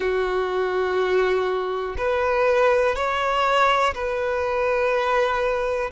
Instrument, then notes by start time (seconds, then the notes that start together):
violin
0.00 F#4
1.97 B4
2.95 C#5
3.94 B4